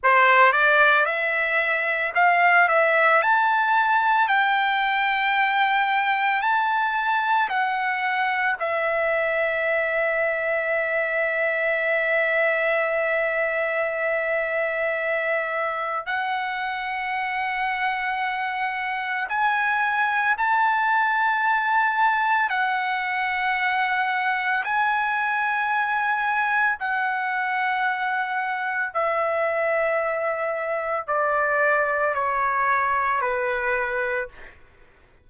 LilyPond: \new Staff \with { instrumentName = "trumpet" } { \time 4/4 \tempo 4 = 56 c''8 d''8 e''4 f''8 e''8 a''4 | g''2 a''4 fis''4 | e''1~ | e''2. fis''4~ |
fis''2 gis''4 a''4~ | a''4 fis''2 gis''4~ | gis''4 fis''2 e''4~ | e''4 d''4 cis''4 b'4 | }